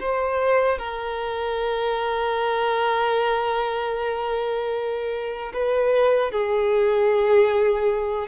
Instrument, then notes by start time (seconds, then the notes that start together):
violin
0.00 C5
0.79 A#4
5.53 B4
6.32 G#4